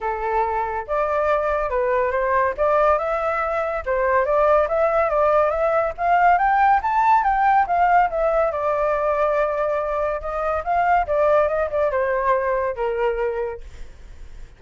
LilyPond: \new Staff \with { instrumentName = "flute" } { \time 4/4 \tempo 4 = 141 a'2 d''2 | b'4 c''4 d''4 e''4~ | e''4 c''4 d''4 e''4 | d''4 e''4 f''4 g''4 |
a''4 g''4 f''4 e''4 | d''1 | dis''4 f''4 d''4 dis''8 d''8 | c''2 ais'2 | }